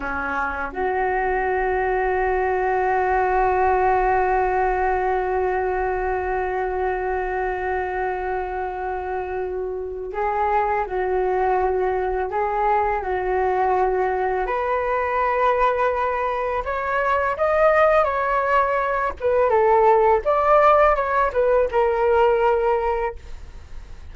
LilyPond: \new Staff \with { instrumentName = "flute" } { \time 4/4 \tempo 4 = 83 cis'4 fis'2.~ | fis'1~ | fis'1~ | fis'2 gis'4 fis'4~ |
fis'4 gis'4 fis'2 | b'2. cis''4 | dis''4 cis''4. b'8 a'4 | d''4 cis''8 b'8 ais'2 | }